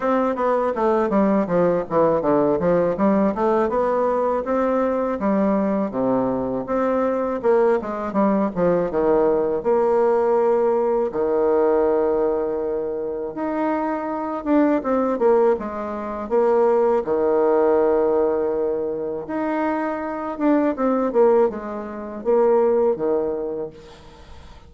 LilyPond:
\new Staff \with { instrumentName = "bassoon" } { \time 4/4 \tempo 4 = 81 c'8 b8 a8 g8 f8 e8 d8 f8 | g8 a8 b4 c'4 g4 | c4 c'4 ais8 gis8 g8 f8 | dis4 ais2 dis4~ |
dis2 dis'4. d'8 | c'8 ais8 gis4 ais4 dis4~ | dis2 dis'4. d'8 | c'8 ais8 gis4 ais4 dis4 | }